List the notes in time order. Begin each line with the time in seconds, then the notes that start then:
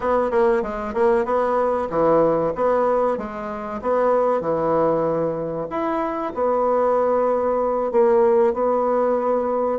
0.00 B3
0.30 A#3
0.62 G#3
0.94 A#3
1.25 B3
1.89 E3
2.55 B3
3.17 G#3
3.81 B3
4.40 E3
5.70 E4
6.34 B3
7.91 A#3
8.53 B3